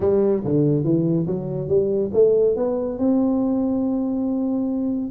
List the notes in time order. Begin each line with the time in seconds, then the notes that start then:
0.00 G3
0.44 D3
0.83 E3
1.27 F#3
1.68 G3
2.13 A3
2.56 B3
2.98 C4